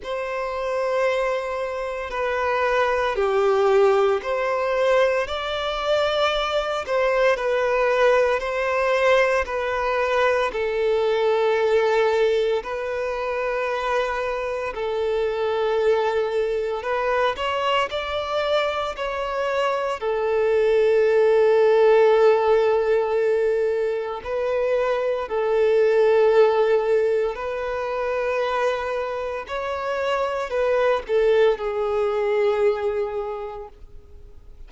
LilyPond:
\new Staff \with { instrumentName = "violin" } { \time 4/4 \tempo 4 = 57 c''2 b'4 g'4 | c''4 d''4. c''8 b'4 | c''4 b'4 a'2 | b'2 a'2 |
b'8 cis''8 d''4 cis''4 a'4~ | a'2. b'4 | a'2 b'2 | cis''4 b'8 a'8 gis'2 | }